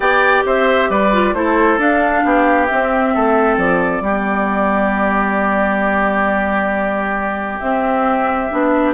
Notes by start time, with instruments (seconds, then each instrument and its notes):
0.00 bassoon B3, clarinet G4, oboe D5, flute G5
0.45 bassoon C4, oboe C5, flute E5
0.89 bassoon G3, oboe B4, flute D5
1.12 clarinet F4
1.33 bassoon A3, clarinet E4, oboe A4, flute C5
1.78 bassoon D4, clarinet D4, flute F5
2.24 bassoon B3, oboe G4
2.66 clarinet C4, bassoon C4, flute E5
3.14 bassoon A3, oboe A4
3.57 bassoon F3, flute D5
4.01 bassoon G3, clarinet B3, oboe G4
7.59 bassoon C4, clarinet C4, flute E5
8.51 bassoon B3, clarinet D4